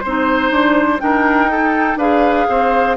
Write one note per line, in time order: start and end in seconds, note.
0.00 0.51 C4
0.00 0.98 C5
0.00 1.02 C5
0.07 0.99 D#4
0.51 1.00 D4
0.99 1.48 D4
0.99 1.97 D#4
0.99 1.51 A#4
0.99 1.99 G5
1.51 1.99 D#4
1.51 1.98 A4
1.97 2.46 D4
1.97 2.97 G#4
1.97 2.47 B4
1.97 2.97 F5
2.49 2.97 C4
2.49 2.97 C5